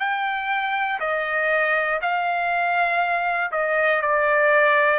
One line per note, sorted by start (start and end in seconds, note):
0.00 1.00 G5
1.00 2.00 D#5
2.02 3.52 F5
3.52 4.02 D#5
4.02 5.00 D5